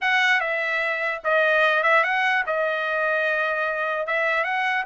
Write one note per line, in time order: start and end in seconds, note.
0.01 0.40 F#5
0.40 1.21 E5
1.24 1.83 D#5
1.83 2.03 E5
2.03 2.44 F#5
2.46 4.06 D#5
4.06 4.44 E5
4.44 4.84 F#5